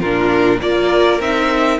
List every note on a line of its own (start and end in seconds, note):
0.00 0.61 A#2
0.00 0.61 D4
0.00 0.59 F4
0.00 0.60 A#4
0.61 1.20 A#3
0.61 1.20 F4
0.61 1.80 A#4
0.61 1.21 D5
1.20 1.79 C4
1.20 1.80 D#4
1.20 1.80 E5